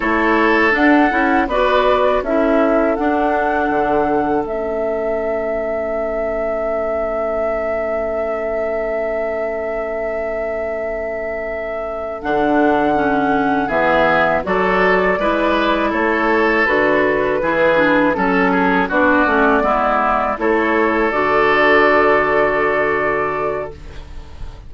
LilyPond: <<
  \new Staff \with { instrumentName = "flute" } { \time 4/4 \tempo 4 = 81 cis''4 fis''4 d''4 e''4 | fis''2 e''2~ | e''1~ | e''1~ |
e''8 fis''2 e''4 d''8~ | d''4. cis''4 b'4.~ | b'8 a'4 d''2 cis''8~ | cis''8 d''2.~ d''8 | }
  \new Staff \with { instrumentName = "oboe" } { \time 4/4 a'2 b'4 a'4~ | a'1~ | a'1~ | a'1~ |
a'2~ a'8 gis'4 a'8~ | a'8 b'4 a'2 gis'8~ | gis'8 a'8 gis'8 fis'4 e'4 a'8~ | a'1 | }
  \new Staff \with { instrumentName = "clarinet" } { \time 4/4 e'4 d'8 e'8 fis'4 e'4 | d'2 cis'2~ | cis'1~ | cis'1~ |
cis'8 d'4 cis'4 b4 fis'8~ | fis'8 e'2 fis'4 e'8 | d'8 cis'4 d'8 cis'8 b4 e'8~ | e'8 fis'2.~ fis'8 | }
  \new Staff \with { instrumentName = "bassoon" } { \time 4/4 a4 d'8 cis'8 b4 cis'4 | d'4 d4 a2~ | a1~ | a1~ |
a8 d2 e4 fis8~ | fis8 gis4 a4 d4 e8~ | e8 fis4 b8 a8 gis4 a8~ | a8 d2.~ d8 | }
>>